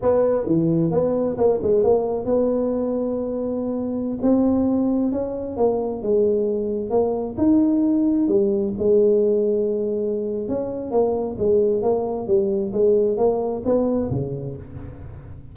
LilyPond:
\new Staff \with { instrumentName = "tuba" } { \time 4/4 \tempo 4 = 132 b4 e4 b4 ais8 gis8 | ais4 b2.~ | b4~ b16 c'2 cis'8.~ | cis'16 ais4 gis2 ais8.~ |
ais16 dis'2 g4 gis8.~ | gis2. cis'4 | ais4 gis4 ais4 g4 | gis4 ais4 b4 cis4 | }